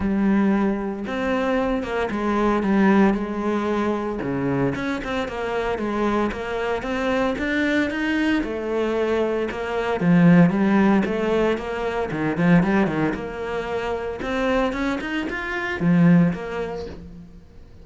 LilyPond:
\new Staff \with { instrumentName = "cello" } { \time 4/4 \tempo 4 = 114 g2 c'4. ais8 | gis4 g4 gis2 | cis4 cis'8 c'8 ais4 gis4 | ais4 c'4 d'4 dis'4 |
a2 ais4 f4 | g4 a4 ais4 dis8 f8 | g8 dis8 ais2 c'4 | cis'8 dis'8 f'4 f4 ais4 | }